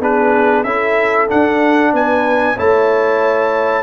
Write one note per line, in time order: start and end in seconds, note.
0.00 0.64 B3
0.00 0.65 D4
0.00 0.65 G#4
0.00 0.63 B4
0.63 1.28 C#4
0.63 1.28 E4
0.63 1.93 A4
0.63 1.27 E5
1.28 2.56 D4
1.28 1.93 D4
1.28 1.94 F#5
1.93 2.57 B3
1.93 2.56 B4
1.93 2.59 G#5
2.56 3.83 A3
2.56 3.83 E4
2.56 3.83 C#5
2.56 3.83 A5